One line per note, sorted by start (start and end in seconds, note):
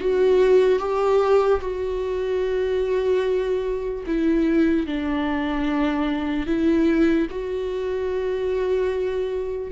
0.00 0.79 F#4
0.79 1.60 G4
1.60 4.04 F#4
4.06 4.86 E4
4.86 6.46 D4
6.46 7.27 E4
7.30 9.71 F#4